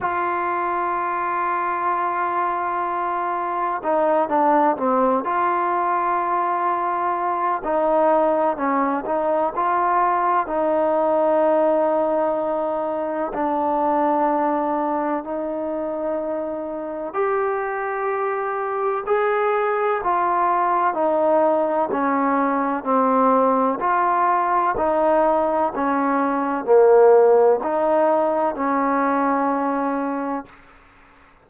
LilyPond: \new Staff \with { instrumentName = "trombone" } { \time 4/4 \tempo 4 = 63 f'1 | dis'8 d'8 c'8 f'2~ f'8 | dis'4 cis'8 dis'8 f'4 dis'4~ | dis'2 d'2 |
dis'2 g'2 | gis'4 f'4 dis'4 cis'4 | c'4 f'4 dis'4 cis'4 | ais4 dis'4 cis'2 | }